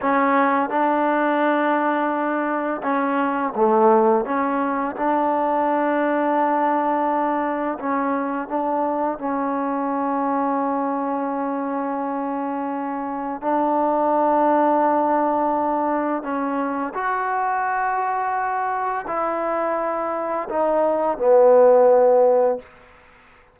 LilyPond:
\new Staff \with { instrumentName = "trombone" } { \time 4/4 \tempo 4 = 85 cis'4 d'2. | cis'4 a4 cis'4 d'4~ | d'2. cis'4 | d'4 cis'2.~ |
cis'2. d'4~ | d'2. cis'4 | fis'2. e'4~ | e'4 dis'4 b2 | }